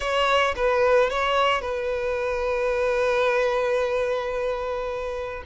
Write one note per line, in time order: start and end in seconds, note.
0.00 0.54 C#5
0.56 1.09 B4
1.09 1.61 C#5
1.61 5.43 B4